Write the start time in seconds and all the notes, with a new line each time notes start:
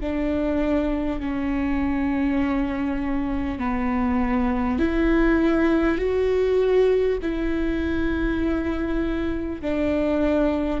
0.00 D4
1.19 C#4
3.58 B3
4.78 E4
5.98 F#4
7.22 E4
9.61 D4